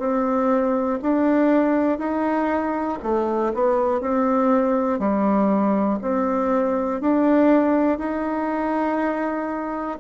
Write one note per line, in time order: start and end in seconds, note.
0.00 1.00 C4
1.02 1.99 D4
1.99 2.99 D#4
3.04 3.54 A3
3.55 4.01 B3
4.01 5.00 C4
5.00 6.00 G3
6.02 7.01 C4
7.01 7.99 D4
7.99 9.99 D#4